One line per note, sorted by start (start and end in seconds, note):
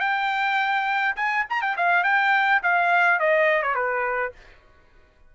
0.00 1.15 G5
1.16 1.45 G#5
1.50 1.62 A#5
1.62 1.76 G5
1.77 2.04 F5
2.04 2.62 G5
2.63 3.20 F5
3.20 3.63 D#5
3.63 3.75 C#5
3.75 4.33 B4